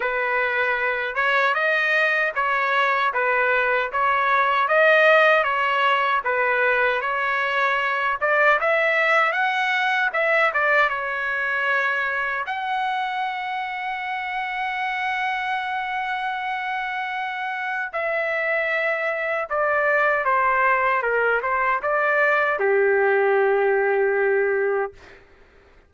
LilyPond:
\new Staff \with { instrumentName = "trumpet" } { \time 4/4 \tempo 4 = 77 b'4. cis''8 dis''4 cis''4 | b'4 cis''4 dis''4 cis''4 | b'4 cis''4. d''8 e''4 | fis''4 e''8 d''8 cis''2 |
fis''1~ | fis''2. e''4~ | e''4 d''4 c''4 ais'8 c''8 | d''4 g'2. | }